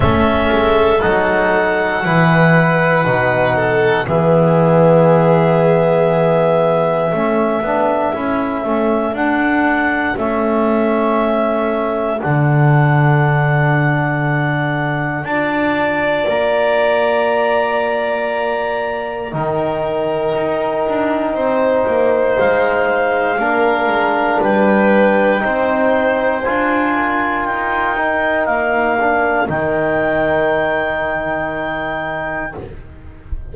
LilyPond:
<<
  \new Staff \with { instrumentName = "clarinet" } { \time 4/4 \tempo 4 = 59 e''4 fis''2. | e''1~ | e''4 fis''4 e''2 | fis''2. a''4 |
ais''2. g''4~ | g''2 f''2 | g''2 gis''4 g''4 | f''4 g''2. | }
  \new Staff \with { instrumentName = "violin" } { \time 4/4 a'2 b'4. a'8 | gis'2. a'4~ | a'1~ | a'2. d''4~ |
d''2. ais'4~ | ais'4 c''2 ais'4 | b'4 c''4. ais'4.~ | ais'1 | }
  \new Staff \with { instrumentName = "trombone" } { \time 4/4 cis'4 dis'4 e'4 dis'4 | b2. cis'8 d'8 | e'8 cis'8 d'4 cis'2 | d'2. f'4~ |
f'2. dis'4~ | dis'2. d'4~ | d'4 dis'4 f'4. dis'8~ | dis'8 d'8 dis'2. | }
  \new Staff \with { instrumentName = "double bass" } { \time 4/4 a8 gis8 fis4 e4 b,4 | e2. a8 b8 | cis'8 a8 d'4 a2 | d2. d'4 |
ais2. dis4 | dis'8 d'8 c'8 ais8 gis4 ais8 gis8 | g4 c'4 d'4 dis'4 | ais4 dis2. | }
>>